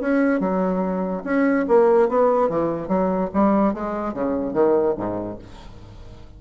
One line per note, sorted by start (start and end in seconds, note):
0.00 0.39 C#4
0.39 1.22 F#3
1.24 1.65 C#4
1.68 2.08 A#3
2.08 2.49 B3
2.49 2.88 E3
2.88 3.29 F#3
3.33 3.73 G3
3.73 4.13 G#3
4.13 4.53 C#3
4.53 4.94 D#3
4.97 5.38 G#2